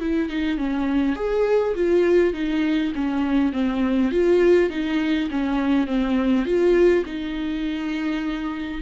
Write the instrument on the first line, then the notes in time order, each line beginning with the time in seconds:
viola
0.00 E4
0.29 D#4
0.58 C#4
1.16 G#4
1.75 F4
2.34 D#4
2.95 C#4
3.53 C4
4.11 F4
4.70 D#4
5.31 C#4
5.87 C4
6.45 F4
7.05 D#4